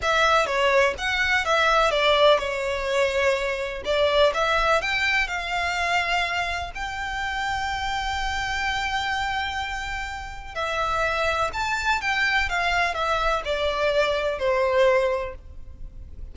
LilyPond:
\new Staff \with { instrumentName = "violin" } { \time 4/4 \tempo 4 = 125 e''4 cis''4 fis''4 e''4 | d''4 cis''2. | d''4 e''4 g''4 f''4~ | f''2 g''2~ |
g''1~ | g''2 e''2 | a''4 g''4 f''4 e''4 | d''2 c''2 | }